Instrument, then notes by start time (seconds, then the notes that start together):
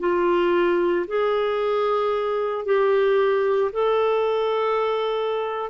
clarinet
0.00 F4
1.08 G#4
2.65 G4
3.73 A4